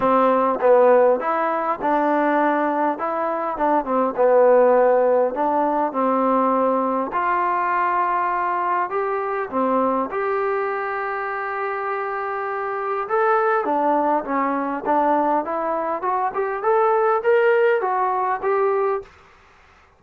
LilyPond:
\new Staff \with { instrumentName = "trombone" } { \time 4/4 \tempo 4 = 101 c'4 b4 e'4 d'4~ | d'4 e'4 d'8 c'8 b4~ | b4 d'4 c'2 | f'2. g'4 |
c'4 g'2.~ | g'2 a'4 d'4 | cis'4 d'4 e'4 fis'8 g'8 | a'4 ais'4 fis'4 g'4 | }